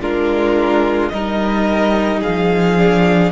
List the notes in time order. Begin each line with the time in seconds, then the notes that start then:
0.00 G#3 D4 F4 A#4
1.09 G3 D#4 A#4 D#5
2.20 G#4 F5
2.28 F3
2.77 D4